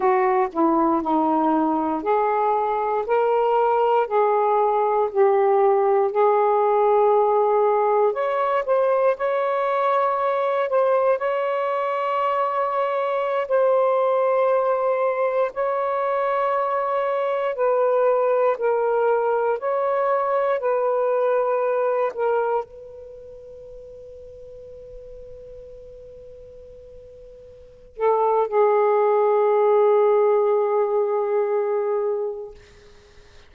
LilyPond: \new Staff \with { instrumentName = "saxophone" } { \time 4/4 \tempo 4 = 59 fis'8 e'8 dis'4 gis'4 ais'4 | gis'4 g'4 gis'2 | cis''8 c''8 cis''4. c''8 cis''4~ | cis''4~ cis''16 c''2 cis''8.~ |
cis''4~ cis''16 b'4 ais'4 cis''8.~ | cis''16 b'4. ais'8 b'4.~ b'16~ | b'2.~ b'8 a'8 | gis'1 | }